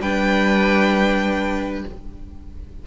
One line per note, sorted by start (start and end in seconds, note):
0.00 1.84 G3
0.00 1.86 D4
0.00 1.84 B4
0.00 1.85 G5